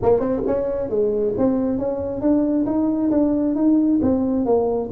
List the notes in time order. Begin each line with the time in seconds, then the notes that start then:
0.02 A#3
0.19 C4
0.46 C#4
0.89 G#3
1.37 C4
1.78 C#4
2.21 D4
2.65 D#4
3.10 D4
3.55 D#4
4.02 C4
4.45 A#3